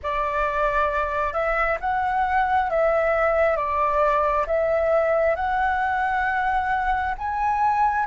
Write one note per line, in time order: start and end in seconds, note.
0.02 1.33 D5
1.33 1.77 E5
1.80 2.69 F#5
2.69 3.56 E5
3.56 4.45 D5
4.46 5.35 E5
5.35 7.14 F#5
7.18 8.06 G#5